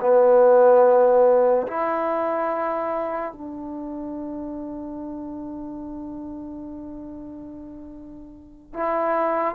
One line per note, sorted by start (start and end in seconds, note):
0.00 1.67 B3
1.67 3.32 E4
3.32 8.73 D4
8.73 9.55 E4